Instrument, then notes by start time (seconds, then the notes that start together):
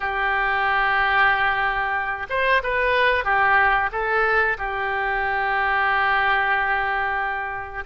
oboe
0.00 G4
2.29 C5
2.63 B4
3.24 G4
3.92 A4
4.57 G4